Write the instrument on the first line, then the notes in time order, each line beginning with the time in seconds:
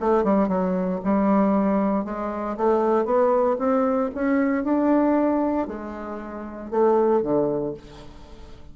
bassoon
0.00 A3
0.24 G3
0.48 F#3
1.04 G3
2.05 G#3
2.57 A3
3.05 B3
3.59 C4
4.15 C#4
4.64 D4
5.68 G#3
6.71 A3
7.22 D3